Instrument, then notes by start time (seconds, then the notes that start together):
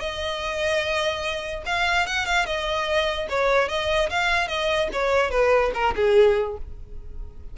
violin
0.00 D#5
1.66 F5
2.06 F#5
2.26 F5
2.46 D#5
3.29 C#5
3.69 D#5
4.10 F5
4.48 D#5
4.93 C#5
5.31 B4
5.74 A#4
5.96 G#4